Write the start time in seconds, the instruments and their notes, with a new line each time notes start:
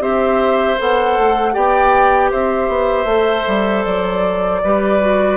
0.00 bassoon C4, clarinet G4, oboe C5, flute E5
0.78 bassoon B3, clarinet A4, flute F#5
1.18 bassoon A3
1.53 bassoon B3, clarinet G4, oboe D5, flute G5
2.31 bassoon C4, oboe C5, flute E5
2.69 bassoon B3
3.05 bassoon A3, clarinet A4
3.48 bassoon G3
3.85 bassoon F#3, flute D5
4.64 bassoon G3, clarinet G4, oboe B4
5.01 clarinet F#4